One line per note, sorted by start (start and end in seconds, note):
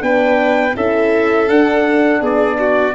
0.00 0.75 B3
0.00 0.73 D4
0.00 0.76 B4
0.00 0.76 G5
0.75 1.49 C#4
0.75 1.48 E4
0.75 2.21 A4
0.75 1.49 E5
1.48 2.95 D4
1.48 2.22 D4
1.48 2.22 F#5
2.21 2.95 B3
2.21 2.58 G#4
2.21 2.95 D5
2.60 2.95 F#4